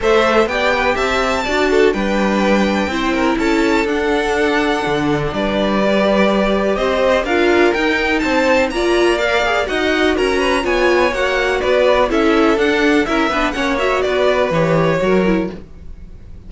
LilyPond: <<
  \new Staff \with { instrumentName = "violin" } { \time 4/4 \tempo 4 = 124 e''4 g''4 a''2 | g''2. a''4 | fis''2. d''4~ | d''2 dis''4 f''4 |
g''4 a''4 ais''4 f''4 | fis''4 ais''4 gis''4 fis''4 | d''4 e''4 fis''4 e''4 | fis''8 e''8 d''4 cis''2 | }
  \new Staff \with { instrumentName = "violin" } { \time 4/4 c''4 d''8 b'8 e''4 d''8 a'8 | b'2 c''8 ais'8 a'4~ | a'2. b'4~ | b'2 c''4 ais'4~ |
ais'4 c''4 d''2 | dis''4 ais'8 b'8 cis''2 | b'4 a'2 ais'8 b'8 | cis''4 b'2 ais'4 | }
  \new Staff \with { instrumentName = "viola" } { \time 4/4 a'4 g'2 fis'4 | d'2 e'2 | d'1 | g'2. f'4 |
dis'2 f'4 ais'8 gis'8 | fis'2 f'4 fis'4~ | fis'4 e'4 d'4 e'8 d'8 | cis'8 fis'4. g'4 fis'8 e'8 | }
  \new Staff \with { instrumentName = "cello" } { \time 4/4 a4 b4 c'4 d'4 | g2 c'4 cis'4 | d'2 d4 g4~ | g2 c'4 d'4 |
dis'4 c'4 ais2 | dis'4 cis'4 b4 ais4 | b4 cis'4 d'4 cis'8 b8 | ais4 b4 e4 fis4 | }
>>